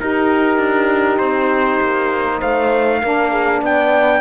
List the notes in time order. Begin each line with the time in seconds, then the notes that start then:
0.00 D#4 G4 A#4
0.57 D4
1.18 C4 C5
1.81 A#3
2.39 A3 C5 F5
3.02 A#3 D4 A#4
3.31 G#4
3.61 B3 D5 G5